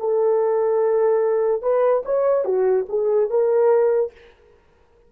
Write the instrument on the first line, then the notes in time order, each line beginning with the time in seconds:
horn
0.00 A4
1.63 B4
2.05 C#5
2.45 F#4
2.90 G#4
3.30 A#4